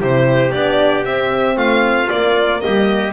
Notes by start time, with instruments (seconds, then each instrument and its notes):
0.00 double bass C3, horn E4, trumpet G4, violin C5
0.51 double bass B3, horn D4, violin D5
1.05 double bass C4, horn C4, violin E5
1.56 double bass A3, trumpet F4, violin F5
2.07 horn A#3, double bass A#3, violin D5
2.60 double bass G3, trumpet G4, violin D#5